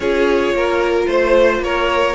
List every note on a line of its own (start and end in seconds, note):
0.00 0.53 C#4
0.00 2.15 F4
0.00 0.54 G#4
0.00 1.04 C#5
0.53 1.07 A#3
0.53 1.09 A#4
1.06 1.59 A3
1.06 1.60 C5
1.06 1.63 C5
1.59 2.13 A#3
1.59 2.15 A#4
1.59 2.15 C#5